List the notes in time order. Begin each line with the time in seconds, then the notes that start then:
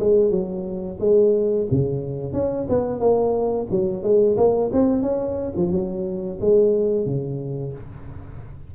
0.00 G#3
0.31 F#3
1.00 G#3
1.71 C#3
2.33 C#4
2.69 B3
3.00 A#3
3.70 F#3
4.03 G#3
4.37 A#3
4.73 C4
5.02 C#4
5.56 F3
5.72 F#3
6.40 G#3
7.05 C#3